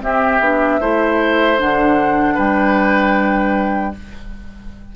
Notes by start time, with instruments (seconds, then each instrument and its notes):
0.00 clarinet C4, bassoon C4, oboe G4, flute E5
0.40 bassoon B3, clarinet D4
0.80 bassoon A3, clarinet E4, oboe C5
1.57 bassoon D3, clarinet D4, flute F#5
2.34 bassoon G3, oboe B4, flute G5